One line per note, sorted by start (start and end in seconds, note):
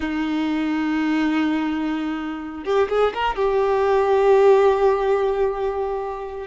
0.00 2.64 D#4
2.64 2.88 G4
2.89 3.13 G#4
3.14 3.35 A#4
3.35 6.47 G4